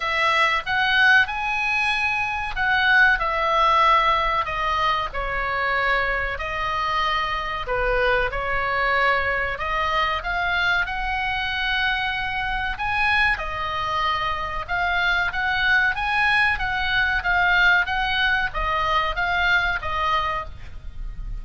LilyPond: \new Staff \with { instrumentName = "oboe" } { \time 4/4 \tempo 4 = 94 e''4 fis''4 gis''2 | fis''4 e''2 dis''4 | cis''2 dis''2 | b'4 cis''2 dis''4 |
f''4 fis''2. | gis''4 dis''2 f''4 | fis''4 gis''4 fis''4 f''4 | fis''4 dis''4 f''4 dis''4 | }